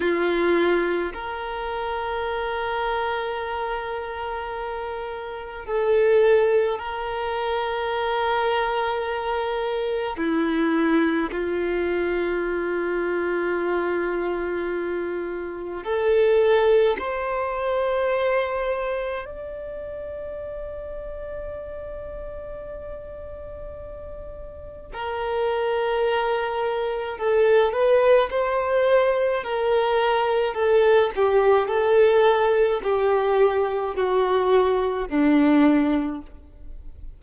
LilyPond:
\new Staff \with { instrumentName = "violin" } { \time 4/4 \tempo 4 = 53 f'4 ais'2.~ | ais'4 a'4 ais'2~ | ais'4 e'4 f'2~ | f'2 a'4 c''4~ |
c''4 d''2.~ | d''2 ais'2 | a'8 b'8 c''4 ais'4 a'8 g'8 | a'4 g'4 fis'4 d'4 | }